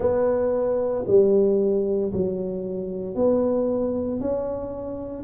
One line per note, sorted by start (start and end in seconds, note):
0.00 1.05 B3
1.07 2.12 G3
2.12 3.15 F#3
3.15 4.20 B3
4.20 5.23 C#4